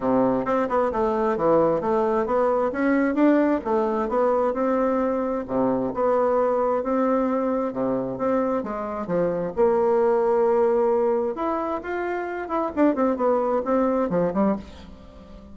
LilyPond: \new Staff \with { instrumentName = "bassoon" } { \time 4/4 \tempo 4 = 132 c4 c'8 b8 a4 e4 | a4 b4 cis'4 d'4 | a4 b4 c'2 | c4 b2 c'4~ |
c'4 c4 c'4 gis4 | f4 ais2.~ | ais4 e'4 f'4. e'8 | d'8 c'8 b4 c'4 f8 g8 | }